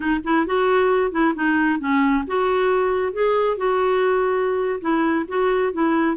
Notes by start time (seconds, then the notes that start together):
0.00 D#4
0.24 E4
0.46 F#4
1.11 E4
1.35 D#4
1.79 C#4
2.27 F#4
3.12 G#4
3.57 F#4
4.80 E4
5.27 F#4
5.73 E4